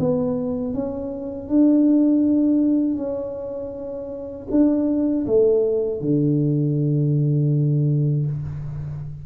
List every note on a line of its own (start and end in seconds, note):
0.00 0.74 B3
0.74 1.49 C#4
1.49 2.98 D4
2.98 4.48 C#4
4.51 5.26 D4
5.27 6.01 A3
6.01 8.26 D3